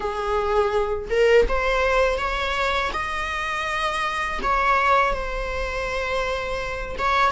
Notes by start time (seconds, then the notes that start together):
0.00 G#4
1.10 A#4
1.48 C5
2.18 C#5
2.93 D#5
4.42 C#5
5.13 C5
6.98 C#5